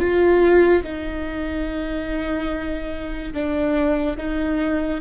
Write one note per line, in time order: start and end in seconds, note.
0.00 0.83 F4
0.83 3.33 D#4
3.34 4.17 D4
4.17 5.01 D#4